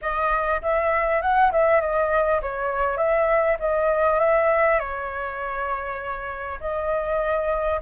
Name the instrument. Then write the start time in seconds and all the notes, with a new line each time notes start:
flute
0.01 D#5
0.61 E5
1.21 F#5
1.52 E5
1.80 D#5
2.42 C#5
2.97 E5
3.59 D#5
4.19 E5
4.79 C#5
6.60 D#5